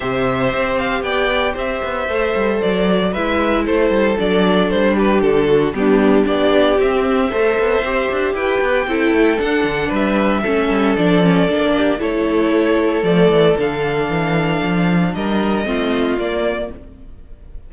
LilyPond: <<
  \new Staff \with { instrumentName = "violin" } { \time 4/4 \tempo 4 = 115 e''4. f''8 g''4 e''4~ | e''4 d''4 e''4 c''4 | d''4 c''8 b'8 a'4 g'4 | d''4 e''2. |
g''2 fis''4 e''4~ | e''4 d''2 cis''4~ | cis''4 d''4 f''2~ | f''4 dis''2 d''4 | }
  \new Staff \with { instrumentName = "violin" } { \time 4/4 c''2 d''4 c''4~ | c''2 b'4 a'4~ | a'4. g'4 fis'8 d'4 | g'2 c''2 |
b'4 a'2 b'4 | a'2~ a'8 g'8 a'4~ | a'1~ | a'4 ais'4 f'2 | }
  \new Staff \with { instrumentName = "viola" } { \time 4/4 g'1 | a'2 e'2 | d'2. b4 | d'4 c'4 a'4 g'4~ |
g'4 e'4 d'2 | cis'4 d'8 cis'8 d'4 e'4~ | e'4 a4 d'2~ | d'2 c'4 ais4 | }
  \new Staff \with { instrumentName = "cello" } { \time 4/4 c4 c'4 b4 c'8 b8 | a8 g8 fis4 gis4 a8 g8 | fis4 g4 d4 g4 | b4 c'4 a8 b8 c'8 d'8 |
e'8 b8 c'8 a8 d'8 d8 g4 | a8 g8 f4 ais4 a4~ | a4 f8 e8 d4 e4 | f4 g4 a4 ais4 | }
>>